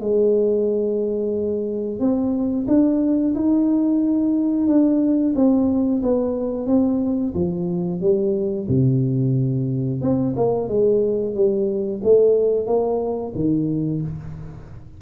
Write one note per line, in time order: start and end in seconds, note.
0.00 1.99 G#3
1.99 2.66 C4
2.67 3.34 D4
3.35 4.67 D#4
4.67 5.34 D4
5.35 6.02 C4
6.02 6.66 B3
6.66 7.33 C4
7.34 8.01 F3
8.01 8.67 G3
8.68 10.01 C3
10.01 10.35 C4
10.36 10.68 A#3
10.68 11.34 G#3
11.34 12.01 G3
12.03 12.66 A3
12.66 13.32 A#3
13.35 14.02 D#3